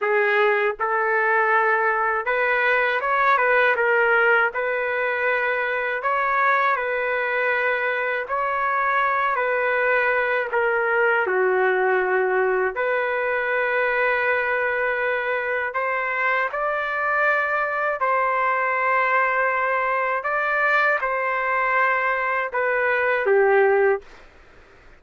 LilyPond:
\new Staff \with { instrumentName = "trumpet" } { \time 4/4 \tempo 4 = 80 gis'4 a'2 b'4 | cis''8 b'8 ais'4 b'2 | cis''4 b'2 cis''4~ | cis''8 b'4. ais'4 fis'4~ |
fis'4 b'2.~ | b'4 c''4 d''2 | c''2. d''4 | c''2 b'4 g'4 | }